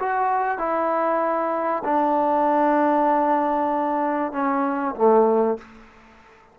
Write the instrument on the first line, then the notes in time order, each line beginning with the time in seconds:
trombone
0.00 F#4
0.59 E4
1.85 D4
4.33 C#4
4.96 A3